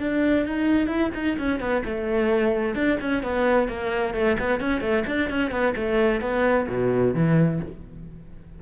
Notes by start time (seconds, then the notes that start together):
0.00 D4
0.46 D#4
0.87 E4
1.15 D#4
1.39 C#4
1.60 B3
1.85 A3
2.75 D4
3.01 C#4
3.23 B3
3.69 A#3
4.15 A3
4.40 B3
4.60 C#4
4.81 A3
5.07 D4
5.30 C#4
5.52 B3
5.76 A3
6.21 B3
6.69 B2
7.15 E3